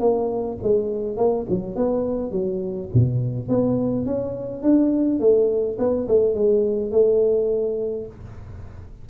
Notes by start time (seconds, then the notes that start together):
0.00 A#3
0.63 G#3
1.17 A#3
1.50 F#3
1.76 B3
2.32 F#3
2.94 B2
3.49 B3
4.06 C#4
4.63 D4
5.20 A3
5.79 B3
6.08 A3
6.35 G#3
6.92 A3